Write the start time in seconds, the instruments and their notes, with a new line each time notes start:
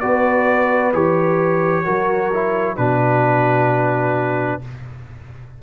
0.00 tuba B3, trombone F#4, horn B4, trumpet D5
0.93 tuba E3, trombone G4, trumpet C#5
1.84 tuba F#3, trombone F#4, horn A#4
2.33 trombone E4
2.75 tuba B2, trombone D4, horn F#4, trumpet B4